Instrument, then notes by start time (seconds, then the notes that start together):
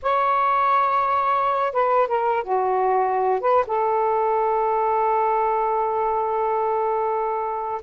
saxophone
0.02 C#5
1.73 B4
2.07 A#4
2.43 F#4
3.40 B4
3.67 A4